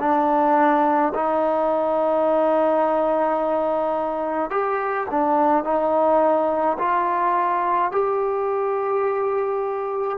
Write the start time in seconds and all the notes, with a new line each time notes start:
0.00 D4
1.15 D#4
4.51 G4
5.10 D4
5.64 D#4
6.79 F4
7.92 G4